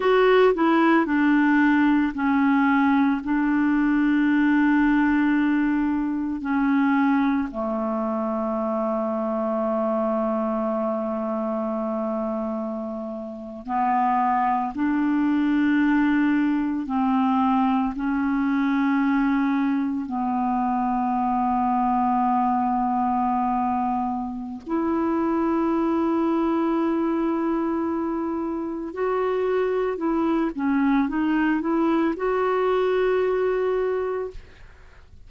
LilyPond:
\new Staff \with { instrumentName = "clarinet" } { \time 4/4 \tempo 4 = 56 fis'8 e'8 d'4 cis'4 d'4~ | d'2 cis'4 a4~ | a1~ | a8. b4 d'2 c'16~ |
c'8. cis'2 b4~ b16~ | b2. e'4~ | e'2. fis'4 | e'8 cis'8 dis'8 e'8 fis'2 | }